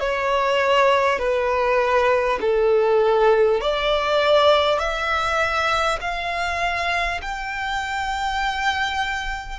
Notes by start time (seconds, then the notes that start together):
0.00 C#5
1.19 B4
2.41 A4
3.61 D5
4.79 E5
6.01 F5
7.22 G5